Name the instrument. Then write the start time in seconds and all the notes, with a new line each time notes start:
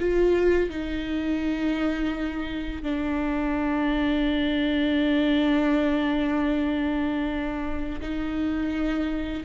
viola
0.00 F4
0.70 D#4
2.83 D4
8.01 D#4